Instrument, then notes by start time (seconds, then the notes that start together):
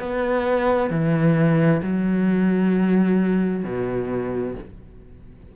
cello
0.00 B3
0.90 E3
1.83 F#3
3.64 B2